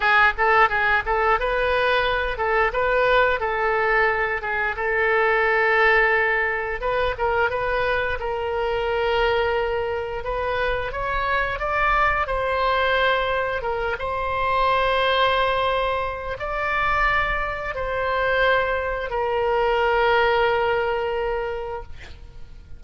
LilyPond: \new Staff \with { instrumentName = "oboe" } { \time 4/4 \tempo 4 = 88 gis'8 a'8 gis'8 a'8 b'4. a'8 | b'4 a'4. gis'8 a'4~ | a'2 b'8 ais'8 b'4 | ais'2. b'4 |
cis''4 d''4 c''2 | ais'8 c''2.~ c''8 | d''2 c''2 | ais'1 | }